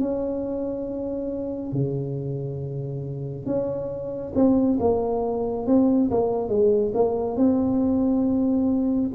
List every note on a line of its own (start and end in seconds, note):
0.00 1.72 C#4
1.72 3.46 C#3
3.46 4.33 C#4
4.35 4.79 C4
4.80 5.67 A#3
5.67 6.11 C4
6.11 6.49 A#3
6.49 6.92 G#3
6.95 7.37 A#3
7.37 9.11 C4